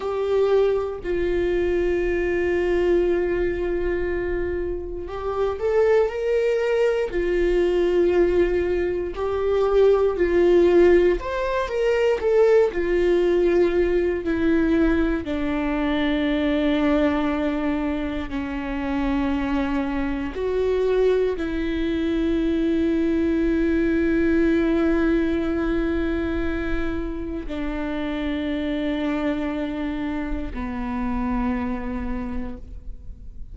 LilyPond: \new Staff \with { instrumentName = "viola" } { \time 4/4 \tempo 4 = 59 g'4 f'2.~ | f'4 g'8 a'8 ais'4 f'4~ | f'4 g'4 f'4 c''8 ais'8 | a'8 f'4. e'4 d'4~ |
d'2 cis'2 | fis'4 e'2.~ | e'2. d'4~ | d'2 b2 | }